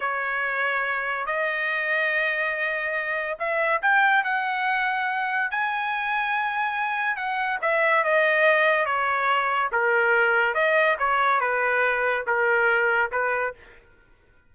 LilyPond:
\new Staff \with { instrumentName = "trumpet" } { \time 4/4 \tempo 4 = 142 cis''2. dis''4~ | dis''1 | e''4 g''4 fis''2~ | fis''4 gis''2.~ |
gis''4 fis''4 e''4 dis''4~ | dis''4 cis''2 ais'4~ | ais'4 dis''4 cis''4 b'4~ | b'4 ais'2 b'4 | }